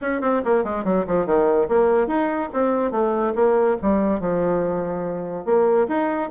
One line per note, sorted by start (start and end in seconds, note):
0.01 0.21 C#4
0.21 0.42 C4
0.45 0.64 A#3
0.64 0.84 G#3
0.84 1.05 F#3
1.06 1.26 F3
1.26 1.68 D#3
1.68 2.07 A#3
2.07 2.49 D#4
2.53 2.91 C4
2.91 3.33 A3
3.35 3.76 A#3
3.81 4.20 G3
4.20 5.45 F3
5.45 5.87 A#3
5.88 6.30 D#4